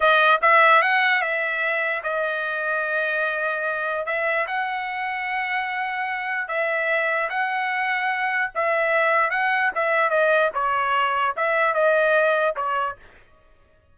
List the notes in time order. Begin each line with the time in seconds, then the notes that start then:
0.00 D#5
0.41 E5
0.82 F#5
1.21 E5
2.03 D#5
4.05 E5
4.47 F#5
6.48 E5
7.29 F#5
8.54 E5
9.30 F#5
9.74 E5
10.09 D#5
10.54 C#5
11.36 E5
11.74 D#5
12.56 C#5